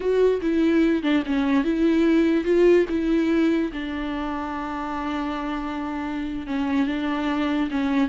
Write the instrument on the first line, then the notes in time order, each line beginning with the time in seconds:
viola
0.00 F#4
0.41 E4
1.02 D4
1.25 C#4
1.63 E4
2.44 F4
2.89 E4
3.72 D4
6.46 C#4
6.86 D4
7.71 C#4